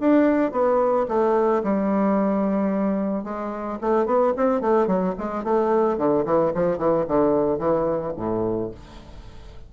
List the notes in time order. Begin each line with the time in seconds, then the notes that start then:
0.00 D4
0.52 B3
1.08 A3
1.63 G3
3.24 G#3
3.81 A3
4.06 B3
4.36 C4
4.61 A3
4.87 F#3
5.18 G#3
5.44 A3
5.98 D3
6.25 E3
6.54 F3
6.78 E3
7.08 D3
7.58 E3
8.16 A2